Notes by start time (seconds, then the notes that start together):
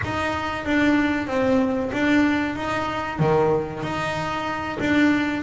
0.04 D#4
0.65 D4
1.27 C4
1.92 D4
2.55 D#4
3.19 D#3
3.82 D#4
4.80 D4